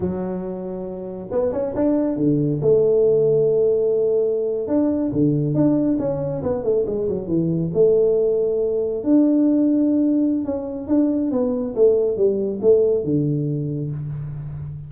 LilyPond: \new Staff \with { instrumentName = "tuba" } { \time 4/4 \tempo 4 = 138 fis2. b8 cis'8 | d'4 d4 a2~ | a2~ a8. d'4 d16~ | d8. d'4 cis'4 b8 a8 gis16~ |
gis16 fis8 e4 a2~ a16~ | a8. d'2.~ d'16 | cis'4 d'4 b4 a4 | g4 a4 d2 | }